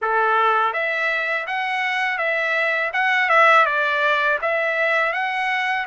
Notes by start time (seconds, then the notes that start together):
0.01 A4
0.73 E5
1.46 F#5
2.18 E5
2.93 F#5
3.29 E5
3.65 D5
4.41 E5
5.12 F#5